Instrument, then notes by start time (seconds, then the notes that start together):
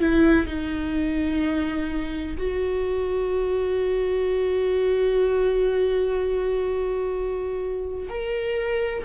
viola
0.00 E4
0.47 D#4
2.38 F#4
8.10 A#4